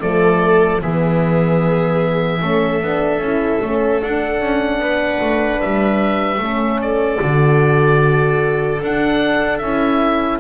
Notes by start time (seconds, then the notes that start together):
0.00 F3 A3 A4 D5
0.82 E3 B3 G#4 E5
2.42 A3 C#4 A4
2.82 B3 D4
3.19 C#4 E4
3.62 A3 C#4
4.00 D4 F#5
4.41 C#4
4.79 B3 B4
5.22 A3
5.61 G3 E5
6.39 A3 C#4
6.45 A4
6.82 D5
7.20 D3 F#4
8.82 D4 F#5
9.59 C#4 E4 E5